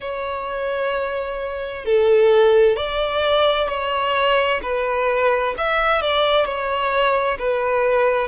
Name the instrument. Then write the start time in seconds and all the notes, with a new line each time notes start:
violin
0.00 C#5
1.85 A4
2.76 D5
3.68 C#5
4.62 B4
5.57 E5
6.01 D5
6.45 C#5
7.38 B4